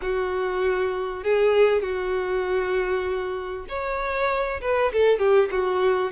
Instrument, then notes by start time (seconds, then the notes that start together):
violin
0.01 F#4
1.23 G#4
1.82 F#4
3.68 C#5
4.61 B4
4.92 A4
5.18 G4
5.51 F#4